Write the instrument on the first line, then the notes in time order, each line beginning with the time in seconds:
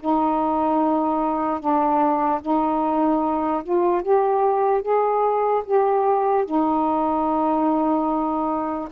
saxophone
0.00 D#4
1.60 D4
2.41 D#4
3.63 F4
4.02 G4
4.82 G#4
5.65 G4
6.45 D#4